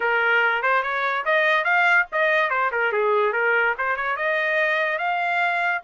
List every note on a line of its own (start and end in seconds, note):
0.00 0.62 A#4
0.62 0.82 C5
0.82 1.24 C#5
1.25 1.64 D#5
1.64 2.06 F5
2.12 2.49 D#5
2.49 2.70 C5
2.71 2.92 A#4
2.92 3.33 G#4
3.33 3.74 A#4
3.77 3.96 C5
3.96 4.16 C#5
4.16 4.98 D#5
4.98 5.81 F5